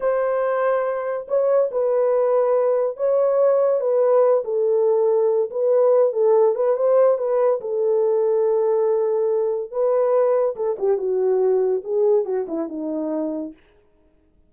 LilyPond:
\new Staff \with { instrumentName = "horn" } { \time 4/4 \tempo 4 = 142 c''2. cis''4 | b'2. cis''4~ | cis''4 b'4. a'4.~ | a'4 b'4. a'4 b'8 |
c''4 b'4 a'2~ | a'2. b'4~ | b'4 a'8 g'8 fis'2 | gis'4 fis'8 e'8 dis'2 | }